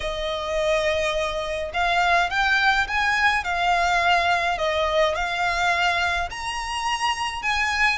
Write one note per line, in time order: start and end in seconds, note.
0.00 1.71 D#5
1.73 2.30 F5
2.30 2.87 G5
2.87 3.44 G#5
3.44 4.58 F5
4.58 5.15 D#5
5.15 6.29 F5
6.30 7.42 A#5
7.42 7.98 G#5